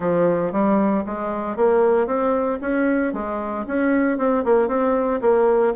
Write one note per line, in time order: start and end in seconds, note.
0.00 0.51 F3
0.51 1.04 G3
1.06 1.56 G#3
1.56 2.06 A#3
2.06 2.58 C4
2.61 3.13 C#4
3.13 3.65 G#3
3.67 4.17 C#4
4.17 4.43 C4
4.44 4.68 A#3
4.68 5.20 C4
5.21 5.73 A#3